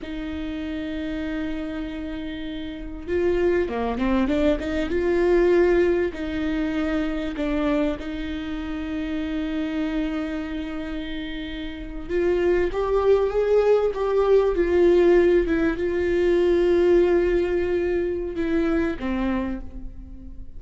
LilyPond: \new Staff \with { instrumentName = "viola" } { \time 4/4 \tempo 4 = 98 dis'1~ | dis'4 f'4 ais8 c'8 d'8 dis'8 | f'2 dis'2 | d'4 dis'2.~ |
dis'2.~ dis'8. f'16~ | f'8. g'4 gis'4 g'4 f'16~ | f'4~ f'16 e'8 f'2~ f'16~ | f'2 e'4 c'4 | }